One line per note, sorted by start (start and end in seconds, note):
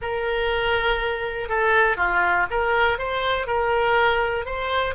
0.01 1.48 A#4
1.48 1.97 A4
1.97 2.46 F4
2.50 2.98 A#4
2.98 3.46 C5
3.46 4.45 A#4
4.45 4.94 C5